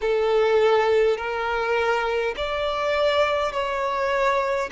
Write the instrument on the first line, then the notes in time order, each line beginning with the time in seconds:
violin
0.01 A4
1.17 A#4
2.36 D5
3.52 C#5